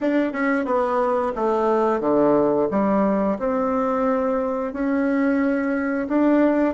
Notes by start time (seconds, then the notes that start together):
0.00 D4
0.32 C#4
0.65 B3
1.35 A3
2.00 D3
2.70 G3
3.38 C4
4.73 C#4
6.07 D4